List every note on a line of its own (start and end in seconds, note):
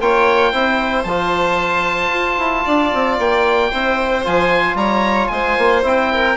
0.00 0.53 A#3
0.00 0.54 F4
0.00 0.51 C#5
0.00 1.04 G5
0.51 1.04 C4
0.51 1.07 E4
0.51 2.63 C5
1.04 2.10 F3
1.04 3.71 F4
1.04 3.16 A5
2.10 2.36 F4
2.38 2.64 E4
2.65 2.93 D4
2.65 3.70 D5
2.94 3.19 C4
3.19 3.72 A#3
3.19 4.26 G5
3.70 4.26 C4
3.70 4.24 E4
3.70 4.77 C5
4.24 4.75 F3
4.24 5.83 F4
4.24 4.77 G#5
4.75 5.28 G3
4.75 5.31 C#5
4.75 5.28 A#5
5.28 5.57 G#3
5.28 6.12 C5
5.28 5.81 G#5
5.58 5.84 A#3
5.83 6.37 C4
5.83 6.36 E4
5.83 6.37 G5
6.13 6.37 A#4